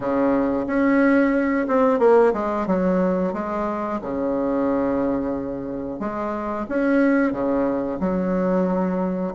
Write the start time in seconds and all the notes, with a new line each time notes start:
0.00 C#3
0.66 C#4
1.67 C4
1.99 A#3
2.33 G#3
2.67 F#3
3.33 G#3
4.01 C#3
5.99 G#3
6.68 C#4
7.32 C#3
8.00 F#3